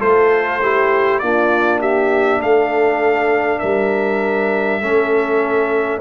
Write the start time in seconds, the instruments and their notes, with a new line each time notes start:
0.00 tuba A3, trombone F4, horn A4, trumpet C5
0.62 trombone E4, horn G4
1.19 tuba A#3, trombone D4, horn F4, trumpet D5
1.80 horn G4, trumpet E5
2.41 tuba A3, horn A4, trumpet F5
3.59 tuba G3, horn A#4, trumpet E5
4.82 tuba A3, trombone C#4, horn A4